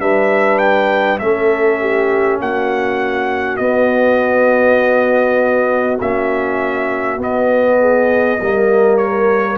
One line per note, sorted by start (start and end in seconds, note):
0.00 1.20 G3
0.00 1.20 D4
0.00 1.21 B4
0.00 0.59 E5
0.59 1.19 G5
1.19 2.40 A3
1.19 3.59 C#4
1.19 1.81 A4
1.19 2.39 E5
1.81 2.41 G4
2.40 3.60 A#3
2.40 7.80 F#4
2.40 3.57 F#5
3.57 5.99 B3
3.57 6.00 B3
3.57 5.97 D#5
6.01 7.18 A#3
6.01 7.19 C#4
6.01 7.21 E5
7.18 8.38 B3
7.18 8.97 D#5
7.80 8.40 G#4
8.40 9.58 G3
8.40 9.58 A#3
8.40 9.58 A#4
8.97 9.58 C#5